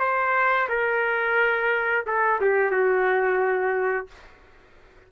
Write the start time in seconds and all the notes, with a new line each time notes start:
0.00 C5
0.69 A#4
2.07 A4
2.41 G4
2.71 F#4